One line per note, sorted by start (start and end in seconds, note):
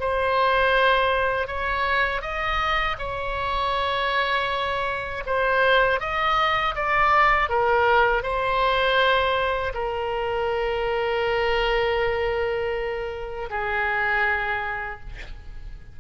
0.00 1.47 C5
1.47 2.22 C#5
2.22 2.97 D#5
2.99 5.24 C#5
5.26 6.00 C5
6.00 6.75 D#5
6.75 7.49 D5
7.49 8.23 A#4
8.23 9.73 C5
9.74 13.49 A#4
13.50 15.00 G#4